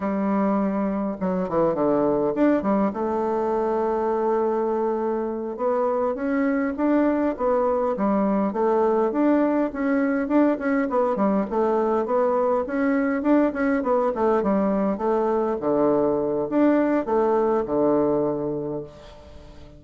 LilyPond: \new Staff \with { instrumentName = "bassoon" } { \time 4/4 \tempo 4 = 102 g2 fis8 e8 d4 | d'8 g8 a2.~ | a4. b4 cis'4 d'8~ | d'8 b4 g4 a4 d'8~ |
d'8 cis'4 d'8 cis'8 b8 g8 a8~ | a8 b4 cis'4 d'8 cis'8 b8 | a8 g4 a4 d4. | d'4 a4 d2 | }